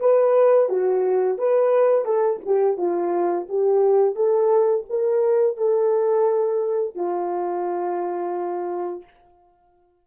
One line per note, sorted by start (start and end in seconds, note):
0.00 0.69 B4
0.69 1.39 F#4
1.39 2.05 B4
2.05 2.40 A4
2.46 2.78 G4
2.78 3.48 F4
3.49 4.16 G4
4.16 4.86 A4
4.90 5.57 A#4
5.57 6.95 A4
6.95 9.05 F4